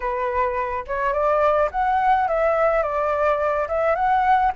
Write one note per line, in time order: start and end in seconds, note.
0.00 0.85 B4
0.87 1.13 C#5
1.13 1.69 D5
1.71 2.27 F#5
2.28 2.83 E5
2.83 3.67 D5
3.68 3.95 E5
3.95 4.51 F#5